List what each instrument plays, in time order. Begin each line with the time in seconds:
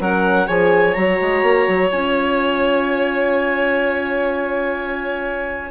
0.00 bassoon F#3, horn C#4, violin A#4, clarinet F#5
0.47 bassoon F3, horn G#4, violin C#5, clarinet G#5
0.93 bassoon F#3, horn F#4, clarinet A#5
1.21 bassoon G#3
1.43 bassoon A#3
1.68 bassoon F#3
1.91 bassoon C#4, horn F4, clarinet G#5